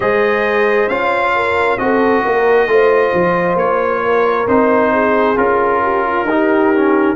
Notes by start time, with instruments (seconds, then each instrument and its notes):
0.00 tuba G#3, trombone G#4, horn C5, trumpet D#5
0.88 tuba C#4, trombone F4, trumpet F5
1.35 horn A#4
1.77 tuba C4, trombone F#4, horn A4, trumpet D#5
2.24 tuba A#3, horn A#4
2.67 tuba A3, trombone F4, horn C5
3.14 tuba F3
3.55 tuba A#3, trumpet C#5
4.04 horn A#4
4.47 tuba C4, trombone D#4, trumpet C5
4.92 horn G#4
5.36 tuba C#4, trombone F4, trumpet A#4
5.83 horn G4
6.04 horn F4
6.24 tuba D#4, trombone D#4, horn G4
6.75 trombone C#4